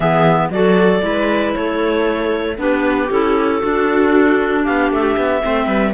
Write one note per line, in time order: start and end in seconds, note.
0.00 0.48 E3
0.00 0.51 B3
0.00 0.49 G#4
0.00 0.49 E5
0.49 1.01 F#3
0.49 1.00 F#4
0.49 1.05 A4
0.49 1.54 D5
1.00 1.55 G#3
1.00 2.55 E4
1.00 1.56 B4
1.54 2.58 A3
1.54 2.60 A4
1.54 2.57 C#5
2.56 3.09 B3
2.56 3.08 D4
2.56 3.60 G4
2.56 3.11 B4
3.10 3.62 C#4
3.10 3.61 E4
3.10 4.64 A4
3.60 5.41 D4
3.60 4.66 D4
3.60 4.63 F#4
4.64 4.90 B3
4.64 5.41 G4
4.64 4.90 F5
4.90 5.16 A3
4.90 5.93 E5
5.17 5.43 B3
5.41 5.67 A3
5.41 5.93 C4
5.41 5.66 C5
5.66 5.92 G3
5.66 5.92 B4